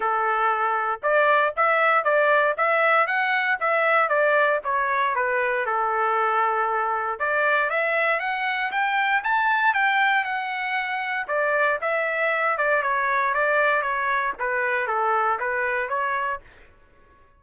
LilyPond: \new Staff \with { instrumentName = "trumpet" } { \time 4/4 \tempo 4 = 117 a'2 d''4 e''4 | d''4 e''4 fis''4 e''4 | d''4 cis''4 b'4 a'4~ | a'2 d''4 e''4 |
fis''4 g''4 a''4 g''4 | fis''2 d''4 e''4~ | e''8 d''8 cis''4 d''4 cis''4 | b'4 a'4 b'4 cis''4 | }